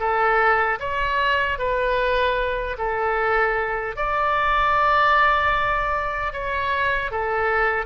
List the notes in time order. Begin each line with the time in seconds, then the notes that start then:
0.00 A4
0.80 C#5
1.59 B4
2.78 A4
3.96 D5
6.33 C#5
7.12 A4